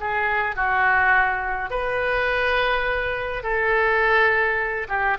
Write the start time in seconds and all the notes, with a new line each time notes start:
0.00 G#4
0.56 F#4
1.70 B4
3.43 A4
4.88 G4